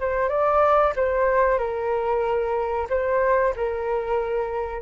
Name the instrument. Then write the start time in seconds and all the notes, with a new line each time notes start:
flute
0.00 C5
0.29 D5
0.96 C5
1.59 A#4
2.89 C5
3.56 A#4